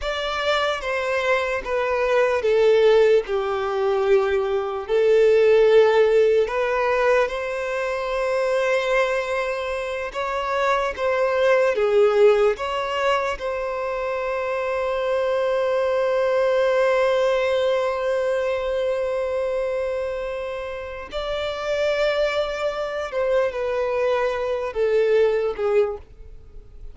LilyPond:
\new Staff \with { instrumentName = "violin" } { \time 4/4 \tempo 4 = 74 d''4 c''4 b'4 a'4 | g'2 a'2 | b'4 c''2.~ | c''8 cis''4 c''4 gis'4 cis''8~ |
cis''8 c''2.~ c''8~ | c''1~ | c''2 d''2~ | d''8 c''8 b'4. a'4 gis'8 | }